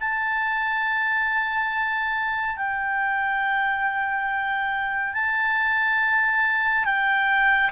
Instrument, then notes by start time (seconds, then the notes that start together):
clarinet
0.00 A5
2.57 G5
5.14 A5
6.85 G5